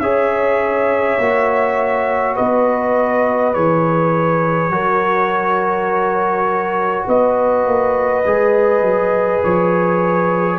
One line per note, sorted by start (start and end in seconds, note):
0.00 1.18 C#4
0.00 1.20 G#4
0.00 2.36 C#5
0.00 2.36 E5
1.19 2.37 A#3
1.19 3.54 F#4
2.36 3.56 B3
2.36 4.72 B4
2.36 3.54 D#5
3.54 4.69 E3
3.54 4.71 G#4
3.54 7.07 C#5
4.69 7.05 F#3
4.69 8.24 F#4
4.69 7.07 A#4
7.07 7.66 B3
7.07 10.59 B4
7.07 9.44 D#5
7.66 8.25 A#3
8.26 8.82 G#3
8.26 10.59 G#4
8.82 9.41 F#3
9.44 10.59 F3
9.44 10.59 C#5